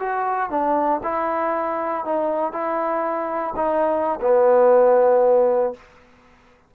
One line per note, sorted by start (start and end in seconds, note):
0.00 0.50 F#4
0.50 1.01 D4
1.04 2.05 E4
2.05 2.53 D#4
2.53 3.54 E4
3.56 4.20 D#4
4.21 5.74 B3